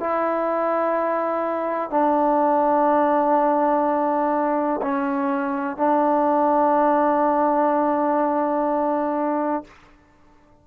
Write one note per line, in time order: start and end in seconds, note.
0.00 1.91 E4
1.91 4.81 D4
4.83 5.77 C#4
5.77 9.64 D4